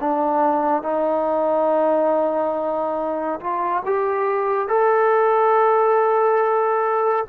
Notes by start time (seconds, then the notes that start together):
0.00 D4
0.83 D#4
3.40 F4
3.86 G4
4.68 A4